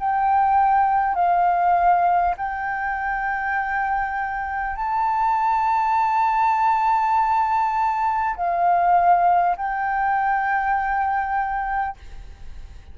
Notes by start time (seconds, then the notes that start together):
0.00 G5
1.15 F5
2.37 G5
4.76 A5
8.37 F5
9.57 G5